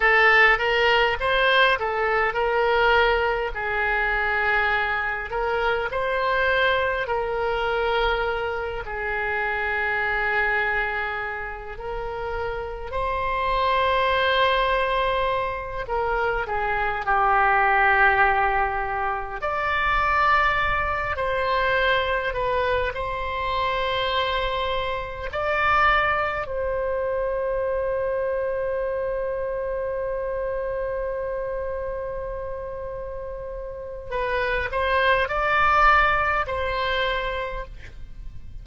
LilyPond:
\new Staff \with { instrumentName = "oboe" } { \time 4/4 \tempo 4 = 51 a'8 ais'8 c''8 a'8 ais'4 gis'4~ | gis'8 ais'8 c''4 ais'4. gis'8~ | gis'2 ais'4 c''4~ | c''4. ais'8 gis'8 g'4.~ |
g'8 d''4. c''4 b'8 c''8~ | c''4. d''4 c''4.~ | c''1~ | c''4 b'8 c''8 d''4 c''4 | }